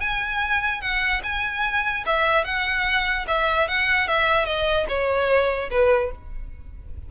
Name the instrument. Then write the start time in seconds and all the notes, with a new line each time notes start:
violin
0.00 G#5
0.81 F#5
1.23 G#5
2.06 E5
2.44 F#5
3.28 E5
3.68 F#5
4.08 E5
4.46 D#5
4.88 C#5
5.70 B4